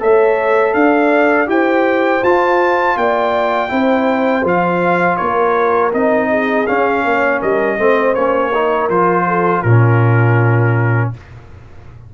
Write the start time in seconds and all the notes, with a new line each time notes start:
0.00 A3 A4 C#5 E5
0.74 D4 D5 F5
1.47 E4 G4 C5 G5
2.23 F4 A5
2.96 A#3 D5 G5
3.69 C4 E4 C5
4.44 F3 F4 F5
5.17 A#3 A#4 C#5
5.93 C4 D#4 D#5
6.30 G#4
6.67 C#4 F5
7.05 A#3 C#5
7.39 G3 A#4 D#5
7.78 A3 C4 C5
8.14 A#3 C#4 C#5
8.50 D#4 A#4
8.89 F3 F4 C5
9.27 A4
9.62 A#2 C#4 F4 A#4